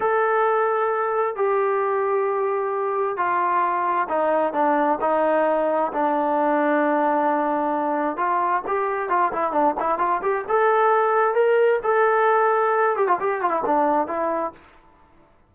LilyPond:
\new Staff \with { instrumentName = "trombone" } { \time 4/4 \tempo 4 = 132 a'2. g'4~ | g'2. f'4~ | f'4 dis'4 d'4 dis'4~ | dis'4 d'2.~ |
d'2 f'4 g'4 | f'8 e'8 d'8 e'8 f'8 g'8 a'4~ | a'4 ais'4 a'2~ | a'8 g'16 f'16 g'8 f'16 e'16 d'4 e'4 | }